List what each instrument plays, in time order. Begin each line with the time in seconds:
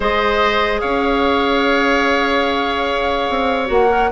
0.00 bassoon G#3, clarinet G#4, oboe C5, flute D#5
0.80 bassoon C#4, oboe C#5, flute F5
3.29 bassoon C4
3.66 bassoon A#3, clarinet F#4, flute F#5
3.88 clarinet A#4